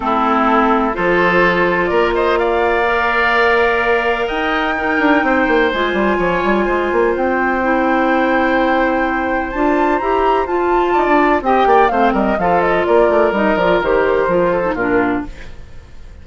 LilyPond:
<<
  \new Staff \with { instrumentName = "flute" } { \time 4/4 \tempo 4 = 126 a'2 c''2 | d''8 dis''8 f''2.~ | f''4 g''2. | gis''2. g''4~ |
g''1 | a''4 ais''4 a''2 | g''4 f''8 dis''8 f''8 dis''8 d''4 | dis''8 d''8 c''2 ais'4 | }
  \new Staff \with { instrumentName = "oboe" } { \time 4/4 e'2 a'2 | ais'8 c''8 d''2.~ | d''4 dis''4 ais'4 c''4~ | c''4 cis''4 c''2~ |
c''1~ | c''2. d''4 | dis''8 d''8 c''8 ais'8 a'4 ais'4~ | ais'2~ ais'8 a'8 f'4 | }
  \new Staff \with { instrumentName = "clarinet" } { \time 4/4 c'2 f'2~ | f'2 ais'2~ | ais'2 dis'2 | f'1 |
e'1 | f'4 g'4 f'2 | g'4 c'4 f'2 | dis'8 f'8 g'4 f'8. dis'16 d'4 | }
  \new Staff \with { instrumentName = "bassoon" } { \time 4/4 a2 f2 | ais1~ | ais4 dis'4. d'8 c'8 ais8 | gis8 g8 f8 g8 gis8 ais8 c'4~ |
c'1 | d'4 e'4 f'4 dis'16 d'8. | c'8 ais8 a8 g8 f4 ais8 a8 | g8 f8 dis4 f4 ais,4 | }
>>